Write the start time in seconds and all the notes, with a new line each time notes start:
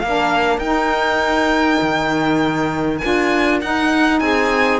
0.00 A#3 A#4 F5
0.06 D4
0.58 D#4 G5
1.82 D#3
2.98 F4 G#5
3.06 D4
3.62 D#4 F#5
4.20 C4 G#4 G#5